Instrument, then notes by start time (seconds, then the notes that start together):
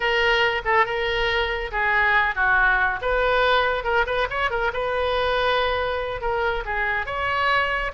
oboe
0.00 A#4
0.64 A4
0.85 A#4
1.71 G#4
2.35 F#4
3.01 B4
3.84 A#4
4.06 B4
4.30 C#5
4.50 A#4
4.73 B4
6.21 A#4
6.65 G#4
7.06 C#5